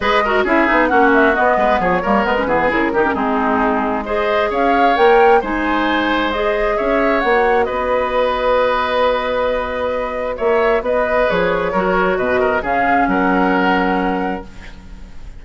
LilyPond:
<<
  \new Staff \with { instrumentName = "flute" } { \time 4/4 \tempo 4 = 133 dis''4 e''4 fis''8 e''8 dis''4 | cis''4 b'4 ais'4 gis'4~ | gis'4 dis''4 f''4 g''4 | gis''2 dis''4 e''4 |
fis''4 dis''2.~ | dis''2. e''4 | dis''4 cis''2 dis''4 | f''4 fis''2. | }
  \new Staff \with { instrumentName = "oboe" } { \time 4/4 b'8 ais'8 gis'4 fis'4. b'8 | gis'8 ais'4 gis'4 g'8 dis'4~ | dis'4 c''4 cis''2 | c''2. cis''4~ |
cis''4 b'2.~ | b'2. cis''4 | b'2 ais'4 b'8 ais'8 | gis'4 ais'2. | }
  \new Staff \with { instrumentName = "clarinet" } { \time 4/4 gis'8 fis'8 e'8 dis'8 cis'4 b4~ | b8 ais8 b16 cis'16 b8 e'8 dis'16 cis'16 c'4~ | c'4 gis'2 ais'4 | dis'2 gis'2 |
fis'1~ | fis'1~ | fis'4 gis'4 fis'2 | cis'1 | }
  \new Staff \with { instrumentName = "bassoon" } { \time 4/4 gis4 cis'8 b8 ais4 b8 gis8 | f8 g8 gis8 e8 cis8 dis8 gis4~ | gis2 cis'4 ais4 | gis2. cis'4 |
ais4 b2.~ | b2. ais4 | b4 f4 fis4 b,4 | cis4 fis2. | }
>>